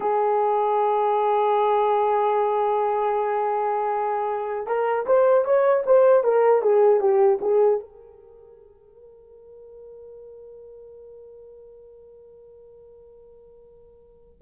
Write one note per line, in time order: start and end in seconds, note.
0.00 4.66 G#4
4.66 5.05 A#4
5.06 5.44 C5
5.44 5.83 C#5
5.86 6.23 C5
6.23 6.62 A#4
6.62 7.00 G#4
7.00 7.39 G4
7.41 7.80 G#4
7.80 14.42 A#4